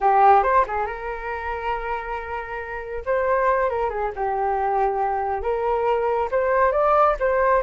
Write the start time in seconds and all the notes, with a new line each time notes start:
0.00 G4
0.43 C5
0.67 G#4
0.86 A#4
3.05 C5
3.69 A#4
3.89 G#4
4.15 G4
5.42 A#4
6.31 C5
6.72 D5
7.19 C5